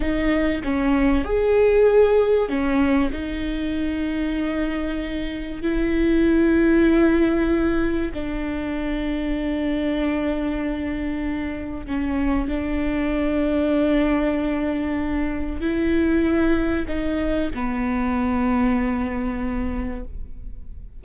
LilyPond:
\new Staff \with { instrumentName = "viola" } { \time 4/4 \tempo 4 = 96 dis'4 cis'4 gis'2 | cis'4 dis'2.~ | dis'4 e'2.~ | e'4 d'2.~ |
d'2. cis'4 | d'1~ | d'4 e'2 dis'4 | b1 | }